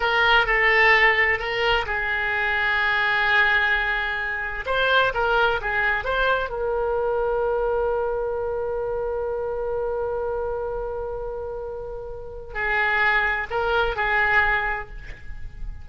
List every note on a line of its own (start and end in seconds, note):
0.00 0.46 A#4
0.46 1.39 A4
1.39 1.85 A#4
1.85 4.64 G#4
4.66 5.12 C5
5.14 5.60 A#4
5.61 6.04 G#4
6.04 6.49 C5
6.49 12.54 A#4
12.54 13.47 G#4
13.50 13.96 A#4
13.96 14.89 G#4